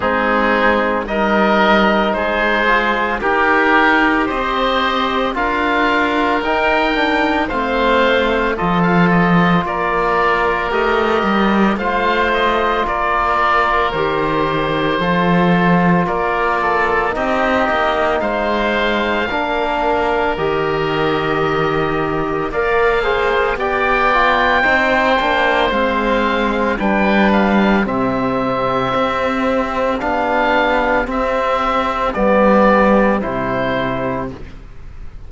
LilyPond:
<<
  \new Staff \with { instrumentName = "oboe" } { \time 4/4 \tempo 4 = 56 gis'4 dis''4 c''4 ais'4 | dis''4 f''4 g''4 f''4 | dis''16 f''16 dis''8 d''4 dis''4 f''8 dis''8 | d''4 c''2 d''4 |
dis''4 f''2 dis''4~ | dis''4 f''4 g''2 | f''4 g''8 f''8 e''2 | f''4 e''4 d''4 c''4 | }
  \new Staff \with { instrumentName = "oboe" } { \time 4/4 dis'4 ais'4 gis'4 g'4 | c''4 ais'2 c''4 | a'4 ais'2 c''4 | ais'2 a'4 ais'8 a'8 |
g'4 c''4 ais'2~ | ais'4 d''8 c''8 d''4 c''4~ | c''4 b'4 g'2~ | g'1 | }
  \new Staff \with { instrumentName = "trombone" } { \time 4/4 c'4 dis'4. f'8 g'4~ | g'4 f'4 dis'8 d'8 c'4 | f'2 g'4 f'4~ | f'4 g'4 f'2 |
dis'2 d'4 g'4~ | g'4 ais'8 gis'8 g'8 f'8 dis'8 d'8 | c'4 d'4 c'2 | d'4 c'4 b4 e'4 | }
  \new Staff \with { instrumentName = "cello" } { \time 4/4 gis4 g4 gis4 dis'4 | c'4 d'4 dis'4 a4 | f4 ais4 a8 g8 a4 | ais4 dis4 f4 ais4 |
c'8 ais8 gis4 ais4 dis4~ | dis4 ais4 b4 c'8 ais8 | gis4 g4 c4 c'4 | b4 c'4 g4 c4 | }
>>